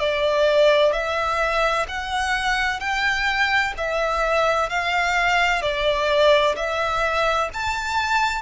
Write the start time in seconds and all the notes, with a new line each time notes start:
0.00 D5
0.93 E5
1.88 F#5
2.80 G5
3.78 E5
4.70 F5
5.62 D5
6.56 E5
7.53 A5